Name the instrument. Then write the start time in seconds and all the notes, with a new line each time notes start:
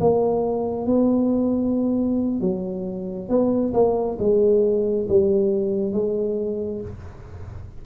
tuba
0.00 A#3
0.86 B3
2.40 F#3
3.29 B3
3.73 A#3
4.19 G#3
5.08 G3
5.92 G#3